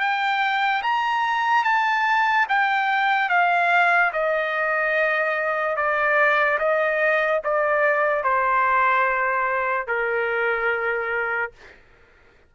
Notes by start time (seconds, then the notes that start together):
0.00 G5
0.83 A#5
1.64 A5
2.49 G5
3.29 F5
4.13 D#5
5.76 D5
6.59 D#5
7.44 D5
8.24 C5
9.87 A#4